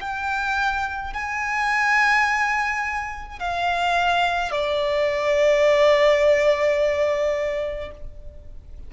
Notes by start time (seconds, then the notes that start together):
0.00 G5
1.13 G#5
3.39 F5
4.51 D5